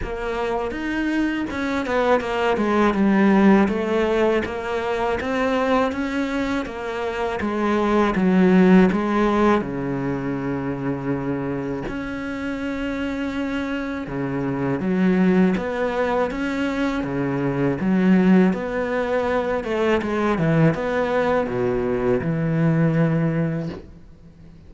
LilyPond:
\new Staff \with { instrumentName = "cello" } { \time 4/4 \tempo 4 = 81 ais4 dis'4 cis'8 b8 ais8 gis8 | g4 a4 ais4 c'4 | cis'4 ais4 gis4 fis4 | gis4 cis2. |
cis'2. cis4 | fis4 b4 cis'4 cis4 | fis4 b4. a8 gis8 e8 | b4 b,4 e2 | }